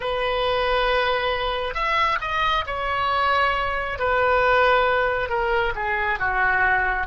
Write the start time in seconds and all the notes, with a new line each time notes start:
0.00 B4
1.74 E5
2.20 D#5
2.66 C#5
3.99 B4
5.29 A#4
5.75 G#4
6.19 F#4